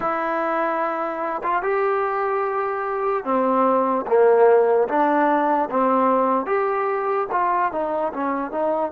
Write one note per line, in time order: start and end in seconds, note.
0.00 1.42 E4
1.43 1.62 F4
1.62 3.24 G4
3.24 4.05 C4
4.07 4.88 A#3
4.88 5.69 D4
5.70 6.46 C4
6.46 7.27 G4
7.31 7.71 F4
7.71 8.12 D#4
8.13 8.51 C#4
8.51 8.91 D#4